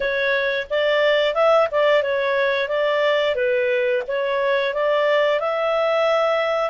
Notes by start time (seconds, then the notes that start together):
0.00 C#5
0.70 D5
1.34 E5
1.71 D5
2.03 C#5
2.68 D5
3.35 B4
4.07 C#5
4.74 D5
5.40 E5